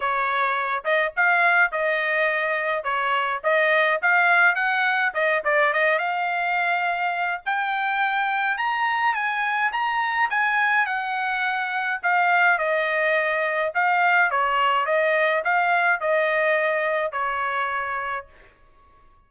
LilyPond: \new Staff \with { instrumentName = "trumpet" } { \time 4/4 \tempo 4 = 105 cis''4. dis''8 f''4 dis''4~ | dis''4 cis''4 dis''4 f''4 | fis''4 dis''8 d''8 dis''8 f''4.~ | f''4 g''2 ais''4 |
gis''4 ais''4 gis''4 fis''4~ | fis''4 f''4 dis''2 | f''4 cis''4 dis''4 f''4 | dis''2 cis''2 | }